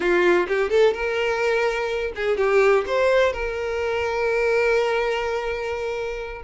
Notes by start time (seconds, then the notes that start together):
0.00 F4
0.48 G4
0.70 A4
0.93 A#4
2.15 G#4
2.37 G4
2.87 C5
3.32 A#4